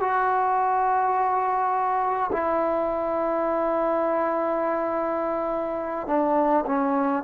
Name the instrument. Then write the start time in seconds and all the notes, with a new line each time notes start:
trombone
0.00 F#4
2.32 E4
6.07 D4
6.66 C#4